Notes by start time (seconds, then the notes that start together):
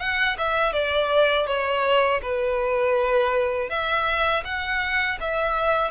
0.00 F#5
0.38 E5
0.73 D5
1.47 C#5
2.22 B4
3.70 E5
4.45 F#5
5.21 E5